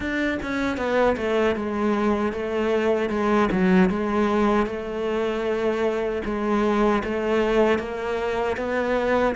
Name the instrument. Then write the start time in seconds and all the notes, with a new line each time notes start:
cello
0.00 D4
0.42 C#4
0.77 B3
1.17 A3
1.55 G#3
2.32 A3
3.09 G#3
3.51 F#3
3.89 G#3
4.66 A3
6.24 G#3
7.03 A3
7.79 A#3
8.56 B3